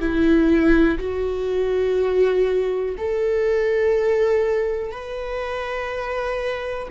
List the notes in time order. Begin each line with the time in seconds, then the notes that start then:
0.00 E4
0.99 F#4
2.97 A4
4.91 B4